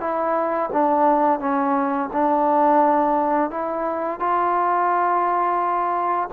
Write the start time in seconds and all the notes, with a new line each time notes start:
0.00 E4
0.73 D4
1.40 C#4
2.13 D4
3.50 E4
4.20 F4